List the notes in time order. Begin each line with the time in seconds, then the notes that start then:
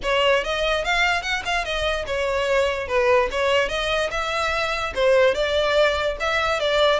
0.02 C#5
0.44 D#5
0.84 F5
1.22 F#5
1.45 F5
1.64 D#5
2.06 C#5
2.87 B4
3.31 C#5
3.69 D#5
4.10 E5
4.94 C5
5.34 D5
6.20 E5
6.60 D5